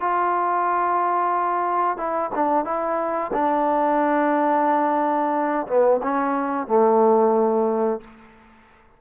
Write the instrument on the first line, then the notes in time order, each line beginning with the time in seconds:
trombone
0.00 F4
1.97 E4
2.35 D4
2.64 E4
3.33 D4
5.67 B3
6.02 C#4
6.67 A3